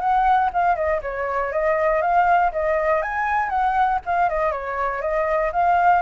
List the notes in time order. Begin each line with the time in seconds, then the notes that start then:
0.00 F#5
0.53 F5
0.76 D#5
1.02 C#5
1.52 D#5
2.01 F5
2.52 D#5
3.02 G#5
3.49 F#5
4.05 F5
4.29 D#5
4.51 C#5
5.02 D#5
5.52 F5